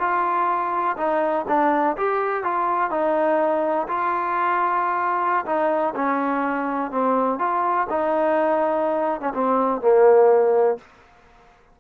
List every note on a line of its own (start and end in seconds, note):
0.00 0.97 F4
0.98 1.46 D#4
1.48 1.97 D4
1.97 2.44 G4
2.44 2.91 F4
2.91 3.88 D#4
3.89 5.46 F4
5.46 5.94 D#4
5.95 6.92 C#4
6.92 7.39 C4
7.39 7.88 F4
7.90 9.21 D#4
9.21 9.33 C#4
9.34 9.82 C4
9.82 10.78 A#3